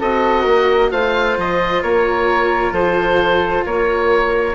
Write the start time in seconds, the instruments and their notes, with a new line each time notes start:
0.00 bassoon C4, cello F#4, flute A4, oboe D#5
0.42 bassoon A#3, flute A#4
0.91 bassoon A3, cello F4, flute C5, oboe F5
1.37 bassoon F3, oboe D#5
1.83 bassoon A#3, flute A#4, oboe C#5
2.72 bassoon F3, flute A4, oboe C5
3.65 bassoon A#3, flute A#4, oboe C#5